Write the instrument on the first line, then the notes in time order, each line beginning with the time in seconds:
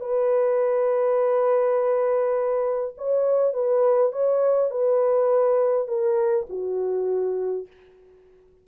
horn
0.00 B4
2.97 C#5
3.53 B4
4.12 C#5
4.70 B4
5.88 A#4
6.49 F#4